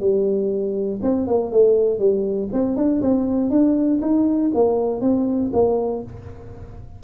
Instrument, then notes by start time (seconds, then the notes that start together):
tuba
0.00 G3
1.02 C4
1.27 A#3
1.52 A3
1.99 G3
2.53 C4
2.76 D4
3.02 C4
3.50 D4
4.02 D#4
4.54 A#3
5.01 C4
5.53 A#3